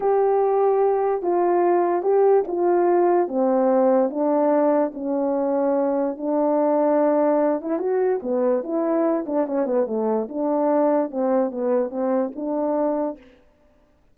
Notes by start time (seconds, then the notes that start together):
0.00 G4
1.22 F4
2.02 G4
2.47 F4
3.28 C4
4.10 D4
4.94 C#4
6.17 D4
7.61 E4
7.79 F#4
8.22 B3
8.63 E4
9.26 D4
9.47 C#4
9.66 B3
9.86 A3
10.28 D4
11.10 C4
11.51 B3
11.90 C4
12.35 D4